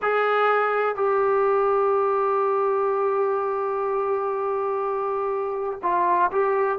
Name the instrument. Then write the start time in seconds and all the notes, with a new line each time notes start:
trombone
0.01 G#4
0.95 G4
5.82 F4
6.31 G4